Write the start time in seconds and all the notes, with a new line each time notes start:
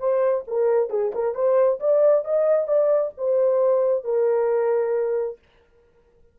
0.00 C5
0.48 A#4
0.90 G#4
1.15 A#4
1.35 C5
1.80 D5
2.25 D#5
2.68 D5
3.18 C5
4.05 A#4